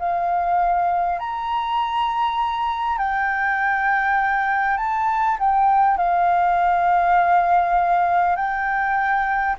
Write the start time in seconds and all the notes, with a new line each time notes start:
0.00 F5
1.19 A#5
2.99 G5
4.78 A5
5.39 G5
5.98 F5
8.37 G5